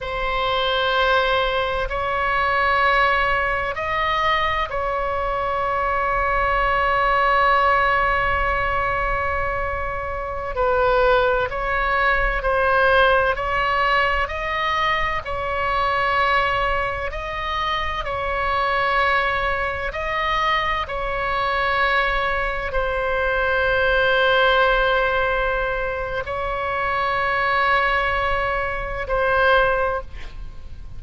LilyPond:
\new Staff \with { instrumentName = "oboe" } { \time 4/4 \tempo 4 = 64 c''2 cis''2 | dis''4 cis''2.~ | cis''2.~ cis''16 b'8.~ | b'16 cis''4 c''4 cis''4 dis''8.~ |
dis''16 cis''2 dis''4 cis''8.~ | cis''4~ cis''16 dis''4 cis''4.~ cis''16~ | cis''16 c''2.~ c''8. | cis''2. c''4 | }